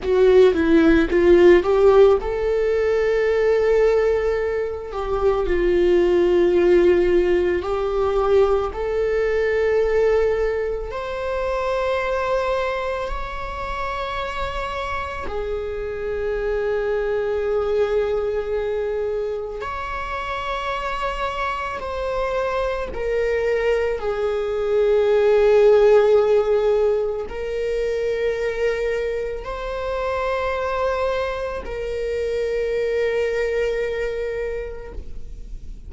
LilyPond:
\new Staff \with { instrumentName = "viola" } { \time 4/4 \tempo 4 = 55 fis'8 e'8 f'8 g'8 a'2~ | a'8 g'8 f'2 g'4 | a'2 c''2 | cis''2 gis'2~ |
gis'2 cis''2 | c''4 ais'4 gis'2~ | gis'4 ais'2 c''4~ | c''4 ais'2. | }